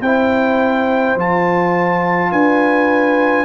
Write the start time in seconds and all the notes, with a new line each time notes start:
0.00 C4 E4 C5 G5
1.15 F3 F4 A5
2.31 D4 B4 G#5